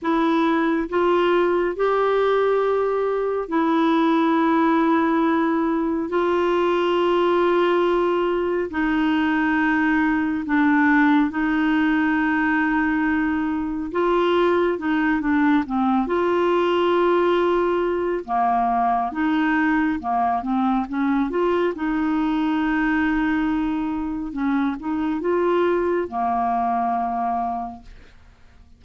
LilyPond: \new Staff \with { instrumentName = "clarinet" } { \time 4/4 \tempo 4 = 69 e'4 f'4 g'2 | e'2. f'4~ | f'2 dis'2 | d'4 dis'2. |
f'4 dis'8 d'8 c'8 f'4.~ | f'4 ais4 dis'4 ais8 c'8 | cis'8 f'8 dis'2. | cis'8 dis'8 f'4 ais2 | }